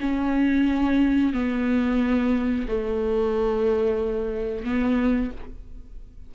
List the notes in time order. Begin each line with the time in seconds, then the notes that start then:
0.00 C#4
1.33 B3
2.68 A3
4.64 B3